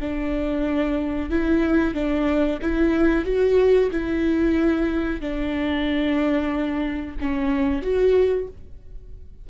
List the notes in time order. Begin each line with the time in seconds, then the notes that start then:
0.00 D4
1.30 E4
1.94 D4
2.61 E4
3.25 F#4
3.91 E4
5.20 D4
7.20 C#4
7.82 F#4